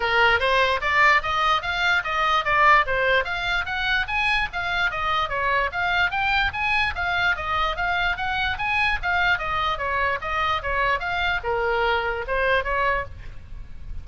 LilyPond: \new Staff \with { instrumentName = "oboe" } { \time 4/4 \tempo 4 = 147 ais'4 c''4 d''4 dis''4 | f''4 dis''4 d''4 c''4 | f''4 fis''4 gis''4 f''4 | dis''4 cis''4 f''4 g''4 |
gis''4 f''4 dis''4 f''4 | fis''4 gis''4 f''4 dis''4 | cis''4 dis''4 cis''4 f''4 | ais'2 c''4 cis''4 | }